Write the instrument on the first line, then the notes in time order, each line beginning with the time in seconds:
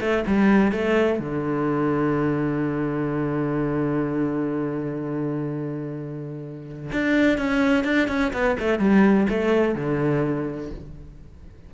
cello
0.00 A3
0.27 G3
0.72 A3
1.19 D3
6.92 D4
7.38 C#4
7.84 D4
8.08 C#4
8.33 B3
8.59 A3
8.79 G3
9.29 A3
9.75 D3